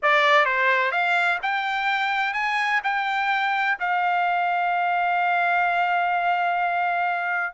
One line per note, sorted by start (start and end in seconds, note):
0.02 0.45 D5
0.45 0.91 C5
0.91 1.38 F5
1.42 2.33 G5
2.33 2.80 G#5
2.83 3.78 G5
3.79 7.53 F5